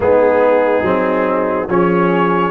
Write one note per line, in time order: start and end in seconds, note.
0.00 0.82 G#3
0.00 0.83 B3
0.00 1.68 D#4
0.00 1.69 G#4
0.82 1.66 F#3
0.82 1.68 C4
1.68 2.51 F3
1.68 2.51 C#4
1.68 2.51 G#4
1.68 2.51 C#5